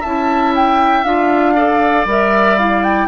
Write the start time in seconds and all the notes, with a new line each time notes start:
0.00 C#4 E4 E5 A5
0.55 G5
1.04 D4 F4 F5
1.55 A4 D5
2.05 G3 A#4 E5
2.58 E4 F5
2.83 G5